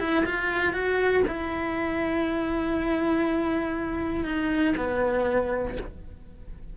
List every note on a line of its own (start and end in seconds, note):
0.00 0.25 E4
0.26 0.73 F4
0.73 1.23 F#4
1.27 4.25 E4
4.25 4.75 D#4
4.77 5.77 B3